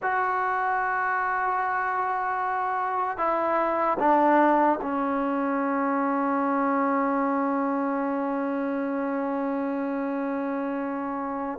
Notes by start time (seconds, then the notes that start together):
0.02 F#4
3.17 E4
3.99 D4
4.81 C#4